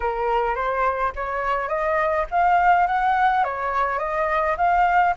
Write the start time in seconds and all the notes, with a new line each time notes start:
0.00 A#4
0.55 C5
1.15 C#5
1.68 D#5
2.31 F5
2.86 F#5
3.43 C#5
3.98 D#5
4.57 F5